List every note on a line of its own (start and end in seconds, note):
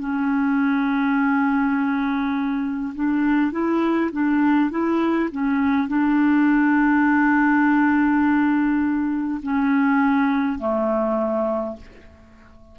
0.00 2.94 C#4
2.95 3.52 D4
3.52 4.11 E4
4.12 4.71 D4
4.71 5.29 E4
5.32 5.88 C#4
5.88 9.41 D4
9.43 10.59 C#4
10.59 11.77 A3